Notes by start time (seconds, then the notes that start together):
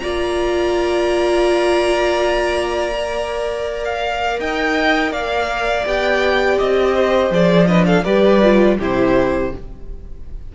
0.00 A#3 F4 D5 A#5
2.94 A#4
3.85 F5
4.40 D#4 D#5 G5
5.12 A#3 D5 F5
5.85 B3 G4 G5
6.59 C4 D#5
6.95 C5
7.31 F3 G#4 D5
7.67 D4 B4 D#5
7.86 A4 F5
8.05 G3 G4 B4 D5
8.43 F4
8.79 C3 E4 G4 C5